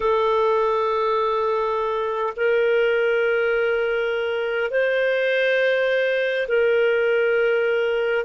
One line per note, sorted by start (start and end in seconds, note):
0.00 2.33 A4
2.36 4.71 A#4
4.71 6.47 C5
6.48 8.24 A#4